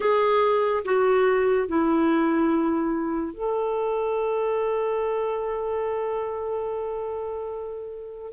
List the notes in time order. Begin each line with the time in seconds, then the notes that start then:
0.00 G#4
0.84 F#4
1.67 E4
3.33 A4